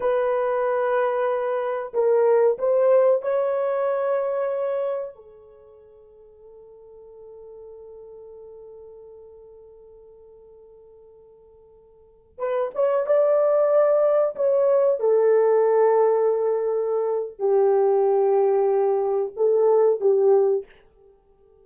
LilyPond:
\new Staff \with { instrumentName = "horn" } { \time 4/4 \tempo 4 = 93 b'2. ais'4 | c''4 cis''2. | a'1~ | a'1~ |
a'2.~ a'16 b'8 cis''16~ | cis''16 d''2 cis''4 a'8.~ | a'2. g'4~ | g'2 a'4 g'4 | }